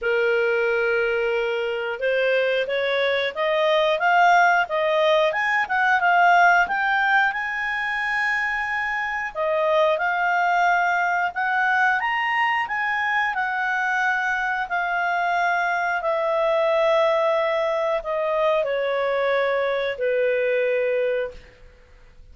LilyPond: \new Staff \with { instrumentName = "clarinet" } { \time 4/4 \tempo 4 = 90 ais'2. c''4 | cis''4 dis''4 f''4 dis''4 | gis''8 fis''8 f''4 g''4 gis''4~ | gis''2 dis''4 f''4~ |
f''4 fis''4 ais''4 gis''4 | fis''2 f''2 | e''2. dis''4 | cis''2 b'2 | }